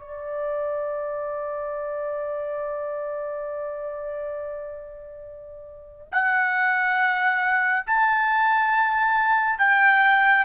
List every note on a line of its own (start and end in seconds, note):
0.00 6.09 D5
6.12 7.86 F#5
7.87 9.59 A5
9.59 10.45 G5